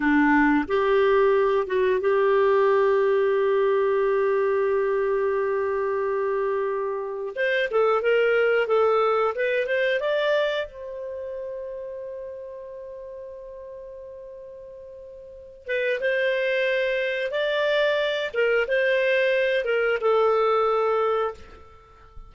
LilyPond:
\new Staff \with { instrumentName = "clarinet" } { \time 4/4 \tempo 4 = 90 d'4 g'4. fis'8 g'4~ | g'1~ | g'2. c''8 a'8 | ais'4 a'4 b'8 c''8 d''4 |
c''1~ | c''2.~ c''8 b'8 | c''2 d''4. ais'8 | c''4. ais'8 a'2 | }